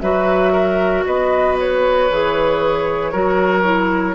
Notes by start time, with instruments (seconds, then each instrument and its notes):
0.00 bassoon F#3, clarinet F#4, oboe B4, flute E5
0.53 oboe A#4
1.05 bassoon B3, oboe B4, flute D#5
1.59 flute C#5
2.11 bassoon E3, clarinet G#4
3.12 bassoon F#3, clarinet F#4, oboe A#4
3.63 clarinet E4